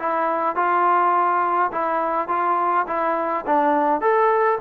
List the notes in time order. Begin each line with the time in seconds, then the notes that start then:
0.00 E4
0.56 F4
1.73 E4
2.29 F4
2.88 E4
3.47 D4
4.01 A4